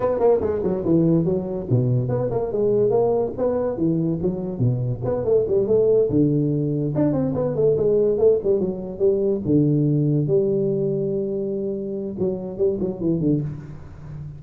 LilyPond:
\new Staff \with { instrumentName = "tuba" } { \time 4/4 \tempo 4 = 143 b8 ais8 gis8 fis8 e4 fis4 | b,4 b8 ais8 gis4 ais4 | b4 e4 fis4 b,4 | b8 a8 g8 a4 d4.~ |
d8 d'8 c'8 b8 a8 gis4 a8 | g8 fis4 g4 d4.~ | d8 g2.~ g8~ | g4 fis4 g8 fis8 e8 d8 | }